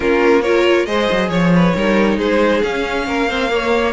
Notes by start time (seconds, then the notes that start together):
0.00 A#3 C#4 F4 A#4
0.41 F4 A#4 C#5
0.85 G#3 G#4 C5 D#5
1.11 F#3
1.29 F3 C#5
1.55 B4
1.75 G3 D#4 A#4
2.17 G#3 G#4 C5
2.62 C#4 F5
3.06 A#3 A#4
3.28 C4 C5
3.50 A#3 C#5